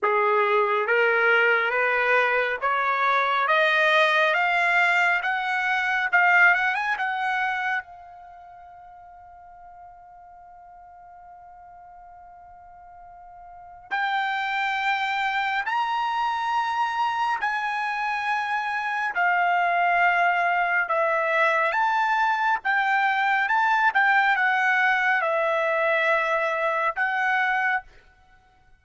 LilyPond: \new Staff \with { instrumentName = "trumpet" } { \time 4/4 \tempo 4 = 69 gis'4 ais'4 b'4 cis''4 | dis''4 f''4 fis''4 f''8 fis''16 gis''16 | fis''4 f''2.~ | f''1 |
g''2 ais''2 | gis''2 f''2 | e''4 a''4 g''4 a''8 g''8 | fis''4 e''2 fis''4 | }